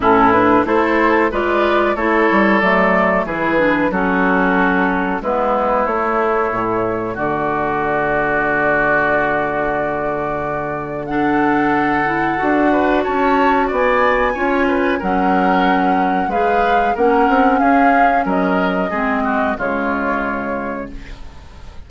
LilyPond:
<<
  \new Staff \with { instrumentName = "flute" } { \time 4/4 \tempo 4 = 92 a'8 b'8 c''4 d''4 cis''4 | d''4 b'4 a'2 | b'4 cis''2 d''4~ | d''1~ |
d''4 fis''2. | a''4 gis''2 fis''4~ | fis''4 f''4 fis''4 f''4 | dis''2 cis''2 | }
  \new Staff \with { instrumentName = "oboe" } { \time 4/4 e'4 a'4 b'4 a'4~ | a'4 gis'4 fis'2 | e'2. fis'4~ | fis'1~ |
fis'4 a'2~ a'8 b'8 | cis''4 d''4 cis''8 b'8 ais'4~ | ais'4 b'4 ais'4 gis'4 | ais'4 gis'8 fis'8 f'2 | }
  \new Staff \with { instrumentName = "clarinet" } { \time 4/4 cis'8 d'8 e'4 f'4 e'4 | a4 e'8 d'8 cis'2 | b4 a2.~ | a1~ |
a4 d'4. e'8 fis'4~ | fis'2 f'4 cis'4~ | cis'4 gis'4 cis'2~ | cis'4 c'4 gis2 | }
  \new Staff \with { instrumentName = "bassoon" } { \time 4/4 a,4 a4 gis4 a8 g8 | fis4 e4 fis2 | gis4 a4 a,4 d4~ | d1~ |
d2. d'4 | cis'4 b4 cis'4 fis4~ | fis4 gis4 ais8 c'8 cis'4 | fis4 gis4 cis2 | }
>>